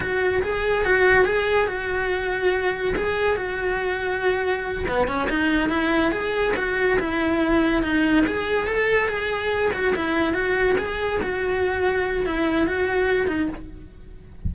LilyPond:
\new Staff \with { instrumentName = "cello" } { \time 4/4 \tempo 4 = 142 fis'4 gis'4 fis'4 gis'4 | fis'2. gis'4 | fis'2.~ fis'8 b8 | cis'8 dis'4 e'4 gis'4 fis'8~ |
fis'8 e'2 dis'4 gis'8~ | gis'8 a'4 gis'4. fis'8 e'8~ | e'8 fis'4 gis'4 fis'4.~ | fis'4 e'4 fis'4. dis'8 | }